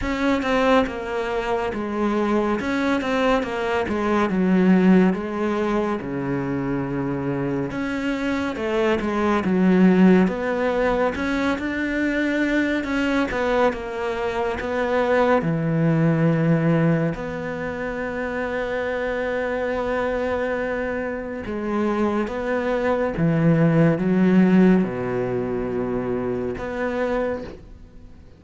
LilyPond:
\new Staff \with { instrumentName = "cello" } { \time 4/4 \tempo 4 = 70 cis'8 c'8 ais4 gis4 cis'8 c'8 | ais8 gis8 fis4 gis4 cis4~ | cis4 cis'4 a8 gis8 fis4 | b4 cis'8 d'4. cis'8 b8 |
ais4 b4 e2 | b1~ | b4 gis4 b4 e4 | fis4 b,2 b4 | }